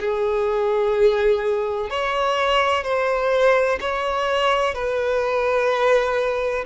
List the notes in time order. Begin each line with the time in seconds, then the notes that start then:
0.00 G#4
1.90 C#5
2.84 C5
3.81 C#5
4.75 B4